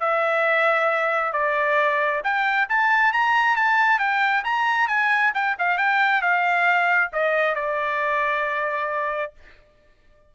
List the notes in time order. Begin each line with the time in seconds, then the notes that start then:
0.00 E5
1.33 D5
2.24 G5
2.69 A5
3.13 A#5
3.57 A5
3.99 G5
4.44 A#5
4.88 G#5
5.35 G5
5.59 F5
5.78 G5
6.22 F5
7.13 D#5
7.56 D5